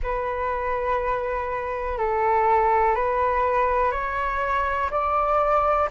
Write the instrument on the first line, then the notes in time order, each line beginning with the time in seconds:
flute
0.02 B4
1.98 A4
2.95 B4
3.91 C#5
4.90 D5